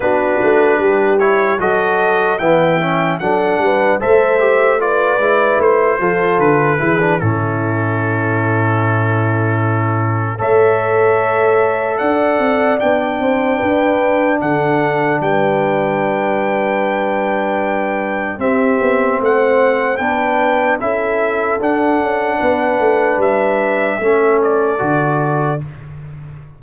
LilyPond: <<
  \new Staff \with { instrumentName = "trumpet" } { \time 4/4 \tempo 4 = 75 b'4. cis''8 dis''4 g''4 | fis''4 e''4 d''4 c''4 | b'4 a'2.~ | a'4 e''2 fis''4 |
g''2 fis''4 g''4~ | g''2. e''4 | fis''4 g''4 e''4 fis''4~ | fis''4 e''4. d''4. | }
  \new Staff \with { instrumentName = "horn" } { \time 4/4 fis'4 g'4 a'4 e''4 | a'8 b'8 c''4 b'4. a'8~ | a'8 gis'8 e'2.~ | e'4 cis''2 d''4~ |
d''8 c''8 b'4 a'4 b'4~ | b'2. g'4 | c''4 b'4 a'2 | b'2 a'2 | }
  \new Staff \with { instrumentName = "trombone" } { \time 4/4 d'4. e'8 fis'4 b8 cis'8 | d'4 a'8 g'8 f'8 e'4 f'8~ | f'8 e'16 d'16 cis'2.~ | cis'4 a'2. |
d'1~ | d'2. c'4~ | c'4 d'4 e'4 d'4~ | d'2 cis'4 fis'4 | }
  \new Staff \with { instrumentName = "tuba" } { \time 4/4 b8 a8 g4 fis4 e4 | fis8 g8 a4. gis8 a8 f8 | d8 e8 a,2.~ | a,4 a2 d'8 c'8 |
b8 c'8 d'4 d4 g4~ | g2. c'8 b8 | a4 b4 cis'4 d'8 cis'8 | b8 a8 g4 a4 d4 | }
>>